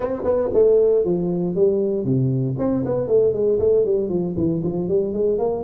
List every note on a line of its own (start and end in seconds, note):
0.00 0.23 C4
0.24 0.49 B3
0.53 1.04 A3
1.04 1.55 F3
1.55 2.04 G3
2.04 2.56 C3
2.58 2.84 C4
2.85 3.07 B3
3.07 3.33 A3
3.33 3.59 G#3
3.59 3.85 A3
3.85 4.09 G3
4.09 4.34 F3
4.36 4.62 E3
4.63 4.88 F3
4.88 5.13 G3
5.13 5.38 G#3
5.38 5.63 A#3